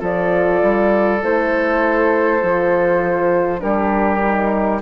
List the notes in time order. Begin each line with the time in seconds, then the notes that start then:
0.00 F3 F4 A4 D5
0.63 G3
1.23 A3 E4 C5
2.42 F3 F4
3.60 G3 D4 G4 A#4
4.21 D#4